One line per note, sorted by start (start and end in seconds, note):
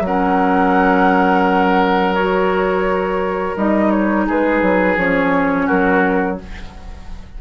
0.00 3.53 F#3
0.00 2.15 F#5
0.06 2.17 C#4
0.06 4.27 A#4
2.15 3.57 F#4
2.15 3.56 C#5
3.57 4.27 G3
3.57 4.98 D#4
3.57 3.91 D#5
3.91 4.26 C#5
4.27 4.62 G#3
4.27 5.66 G#4
4.27 4.98 B4
4.62 4.97 F#3
4.97 5.67 F3
4.97 6.39 C#4
4.97 5.68 C#5
5.66 6.41 F#3
5.66 6.37 F#4
5.66 6.38 A#4